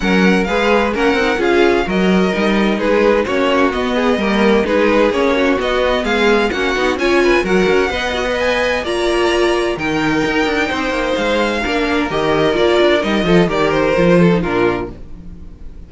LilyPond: <<
  \new Staff \with { instrumentName = "violin" } { \time 4/4 \tempo 4 = 129 fis''4 f''4 fis''4 f''4 | dis''2 b'4 cis''4 | dis''2 b'4 cis''4 | dis''4 f''4 fis''4 gis''4 |
fis''2 gis''4 ais''4~ | ais''4 g''2. | f''2 dis''4 d''4 | dis''4 d''8 c''4. ais'4 | }
  \new Staff \with { instrumentName = "violin" } { \time 4/4 ais'4 b'4 ais'4 gis'4 | ais'2 gis'4 fis'4~ | fis'8 gis'8 ais'4 gis'4. fis'8~ | fis'4 gis'4 fis'4 cis''8 b'8 |
ais'4 dis''2 d''4~ | d''4 ais'2 c''4~ | c''4 ais'2.~ | ais'8 a'8 ais'4. a'8 f'4 | }
  \new Staff \with { instrumentName = "viola" } { \time 4/4 cis'4 gis'4 cis'8 dis'8 f'4 | fis'4 dis'2 cis'4 | b4 ais4 dis'4 cis'4 | b2 cis'8 dis'8 f'4 |
fis'4 b'8 fis'16 b'4~ b'16 f'4~ | f'4 dis'2.~ | dis'4 d'4 g'4 f'4 | dis'8 f'8 g'4 f'8. dis'16 d'4 | }
  \new Staff \with { instrumentName = "cello" } { \time 4/4 fis4 gis4 ais8 c'8 cis'4 | fis4 g4 gis4 ais4 | b4 g4 gis4 ais4 | b4 gis4 ais8 b8 cis'4 |
fis8 cis'8 b2 ais4~ | ais4 dis4 dis'8 d'8 c'8 ais8 | gis4 ais4 dis4 ais8 d'8 | g8 f8 dis4 f4 ais,4 | }
>>